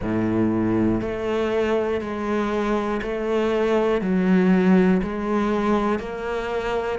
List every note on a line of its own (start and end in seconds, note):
0.01 1.00 A2
1.00 2.00 A3
2.00 3.00 G#3
3.01 4.01 A3
4.01 5.01 F#3
5.02 5.99 G#3
5.99 6.99 A#3